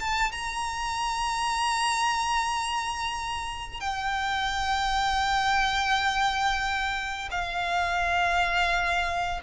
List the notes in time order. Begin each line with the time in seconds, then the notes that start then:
0.00 A5
0.32 A#5
3.80 G5
7.31 F5